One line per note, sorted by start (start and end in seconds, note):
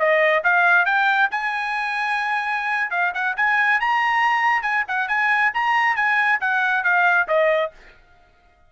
0.00 0.43 D#5
0.44 0.86 F5
0.86 1.29 G5
1.31 2.91 G#5
2.91 3.13 F5
3.15 3.37 F#5
3.37 3.81 G#5
3.81 4.63 A#5
4.63 4.84 G#5
4.88 5.09 F#5
5.09 5.52 G#5
5.54 5.96 A#5
5.96 6.40 G#5
6.41 6.84 F#5
6.84 7.28 F5
7.28 7.72 D#5